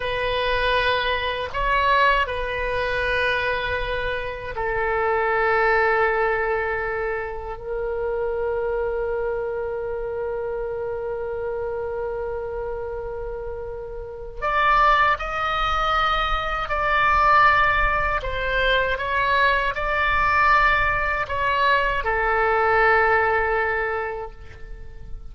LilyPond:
\new Staff \with { instrumentName = "oboe" } { \time 4/4 \tempo 4 = 79 b'2 cis''4 b'4~ | b'2 a'2~ | a'2 ais'2~ | ais'1~ |
ais'2. d''4 | dis''2 d''2 | c''4 cis''4 d''2 | cis''4 a'2. | }